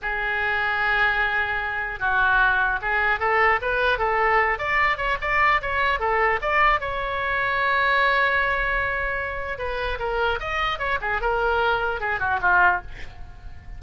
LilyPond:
\new Staff \with { instrumentName = "oboe" } { \time 4/4 \tempo 4 = 150 gis'1~ | gis'4 fis'2 gis'4 | a'4 b'4 a'4. d''8~ | d''8 cis''8 d''4 cis''4 a'4 |
d''4 cis''2.~ | cis''1 | b'4 ais'4 dis''4 cis''8 gis'8 | ais'2 gis'8 fis'8 f'4 | }